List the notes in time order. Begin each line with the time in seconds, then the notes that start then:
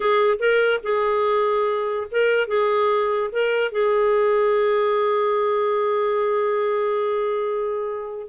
0.00 G#4
0.39 A#4
0.83 G#4
2.11 A#4
2.47 G#4
3.32 A#4
3.71 G#4